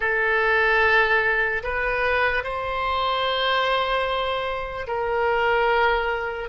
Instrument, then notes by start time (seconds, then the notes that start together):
oboe
0.00 A4
1.63 B4
2.43 C5
4.86 A#4